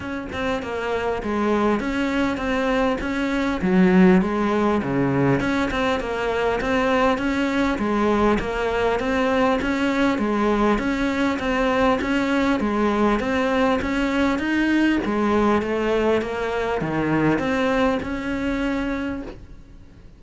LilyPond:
\new Staff \with { instrumentName = "cello" } { \time 4/4 \tempo 4 = 100 cis'8 c'8 ais4 gis4 cis'4 | c'4 cis'4 fis4 gis4 | cis4 cis'8 c'8 ais4 c'4 | cis'4 gis4 ais4 c'4 |
cis'4 gis4 cis'4 c'4 | cis'4 gis4 c'4 cis'4 | dis'4 gis4 a4 ais4 | dis4 c'4 cis'2 | }